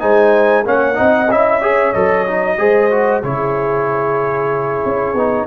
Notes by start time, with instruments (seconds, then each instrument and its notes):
0.00 tuba G#3, trombone D#4, horn C5, trumpet G#5
0.66 tuba A#3, trombone C#4, horn C#5, trumpet F#5
0.95 tuba C4, trombone D#4, horn D#5
1.31 tuba C#4, trombone E4, trumpet E5
1.61 trombone G#4, horn C#5
1.93 tuba F#3, trombone A4, trumpet D#5
2.27 trombone D#4
2.58 tuba G#3, trombone G#4, horn C5
2.91 trombone F#4
3.24 tuba C#3, trombone E4, horn G#4, trumpet C#5
4.86 tuba C#4
5.14 tuba B3, trombone D#4